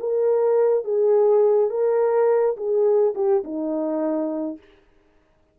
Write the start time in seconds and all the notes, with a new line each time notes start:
0.00 A#4
0.84 G#4
1.70 A#4
2.57 G#4
3.15 G4
3.44 D#4